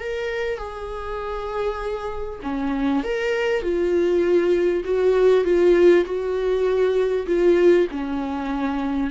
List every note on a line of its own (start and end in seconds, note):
0.00 0.58 A#4
0.58 2.40 G#4
2.43 3.04 C#4
3.04 3.63 A#4
3.63 4.84 F4
4.85 5.45 F#4
5.45 6.05 F4
6.06 7.27 F#4
7.27 7.88 F4
7.91 9.11 C#4